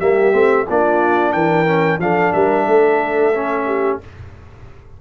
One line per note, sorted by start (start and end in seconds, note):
0.00 0.34 G3
0.00 0.32 A#3
0.00 0.67 G4
0.00 0.67 E5
0.32 0.67 A3
0.32 0.66 C4
0.68 1.34 A#3
0.68 1.67 D4
0.68 1.33 F4
0.68 1.33 D5
1.33 1.99 E3
1.33 2.00 A#4
1.33 2.00 G5
1.67 2.00 C#4
1.99 2.32 F3
1.99 3.34 D4
1.99 2.34 A4
1.99 2.33 F5
2.33 2.67 G3
2.33 2.65 A#4
2.33 4.00 E5
2.65 4.00 A3
2.65 3.65 A4
3.35 4.02 C#4
3.67 4.00 G4